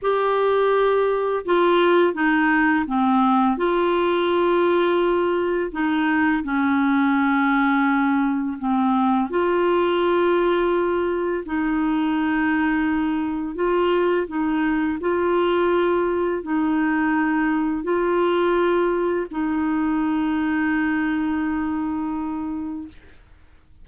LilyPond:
\new Staff \with { instrumentName = "clarinet" } { \time 4/4 \tempo 4 = 84 g'2 f'4 dis'4 | c'4 f'2. | dis'4 cis'2. | c'4 f'2. |
dis'2. f'4 | dis'4 f'2 dis'4~ | dis'4 f'2 dis'4~ | dis'1 | }